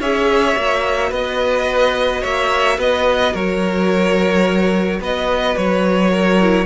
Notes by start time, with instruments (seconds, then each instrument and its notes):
0.00 cello C#4, viola G#4, violin C#5 E5
0.55 cello A#3, viola F#4
1.10 cello B3, violin B4 D#5
2.21 cello A#3, violin C#5 E5
2.78 cello B3, violin B4 D#5
3.33 cello F#3, violin A#4 C#5
5.00 cello B3, violin B4 D#5
5.57 cello F#3, violin C#5
6.10 violin A#4
6.40 viola E4